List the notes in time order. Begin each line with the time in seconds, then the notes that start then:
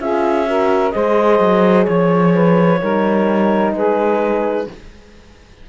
0.00 C#4 F4 G#4 E5
0.47 F#4 A#4
0.91 G#3 G#4 C5 D#5
1.40 F#3
1.85 F3 C#5
2.34 B4
2.80 G3 D#4 A#4
3.73 G#3 G#4 B4